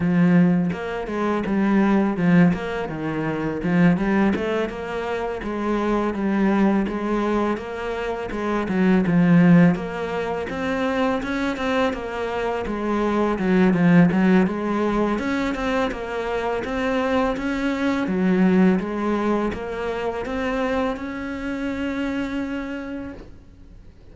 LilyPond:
\new Staff \with { instrumentName = "cello" } { \time 4/4 \tempo 4 = 83 f4 ais8 gis8 g4 f8 ais8 | dis4 f8 g8 a8 ais4 gis8~ | gis8 g4 gis4 ais4 gis8 | fis8 f4 ais4 c'4 cis'8 |
c'8 ais4 gis4 fis8 f8 fis8 | gis4 cis'8 c'8 ais4 c'4 | cis'4 fis4 gis4 ais4 | c'4 cis'2. | }